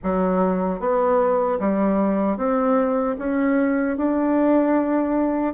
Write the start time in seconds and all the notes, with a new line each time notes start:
0.03 F#3
0.79 B3
1.59 G3
2.37 C4
3.18 C#4
3.97 D4